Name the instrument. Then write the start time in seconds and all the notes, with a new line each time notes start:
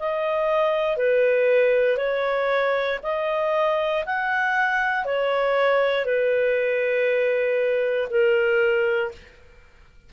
clarinet
0.00 D#5
0.97 B4
1.98 C#5
3.03 D#5
4.06 F#5
5.05 C#5
6.05 B4
8.10 A#4